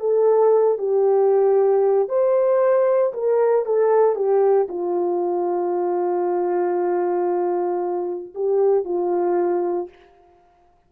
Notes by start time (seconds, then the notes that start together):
0.00 A4
0.78 G4
2.08 C5
3.14 A#4
3.65 A4
4.15 G4
4.69 F4
8.35 G4
8.85 F4